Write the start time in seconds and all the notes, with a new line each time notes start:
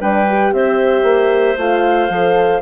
0.00 G3 D4 B4 G5
0.28 G4
0.52 C4 C5 E5
1.03 A#3
1.57 A3 F4 F5
2.09 F3 A4